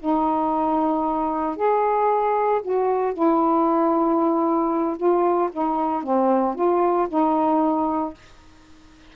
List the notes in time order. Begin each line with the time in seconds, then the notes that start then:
0.00 D#4
1.57 G#4
2.63 F#4
3.14 E4
4.97 F4
5.53 D#4
6.03 C4
6.56 F4
7.09 D#4